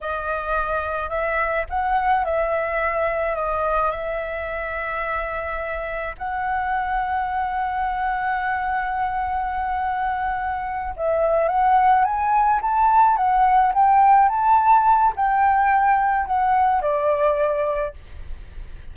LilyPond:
\new Staff \with { instrumentName = "flute" } { \time 4/4 \tempo 4 = 107 dis''2 e''4 fis''4 | e''2 dis''4 e''4~ | e''2. fis''4~ | fis''1~ |
fis''2.~ fis''8 e''8~ | e''8 fis''4 gis''4 a''4 fis''8~ | fis''8 g''4 a''4. g''4~ | g''4 fis''4 d''2 | }